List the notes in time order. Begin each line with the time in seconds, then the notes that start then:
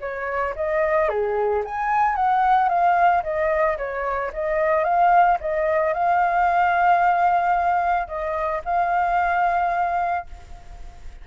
0.00 C#5
0.55 D#5
1.09 G#4
1.65 G#5
2.15 F#5
2.68 F5
3.23 D#5
3.77 C#5
4.33 D#5
4.84 F5
5.40 D#5
5.93 F5
8.07 D#5
8.64 F5